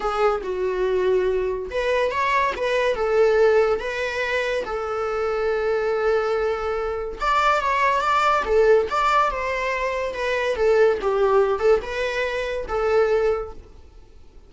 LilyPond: \new Staff \with { instrumentName = "viola" } { \time 4/4 \tempo 4 = 142 gis'4 fis'2. | b'4 cis''4 b'4 a'4~ | a'4 b'2 a'4~ | a'1~ |
a'4 d''4 cis''4 d''4 | a'4 d''4 c''2 | b'4 a'4 g'4. a'8 | b'2 a'2 | }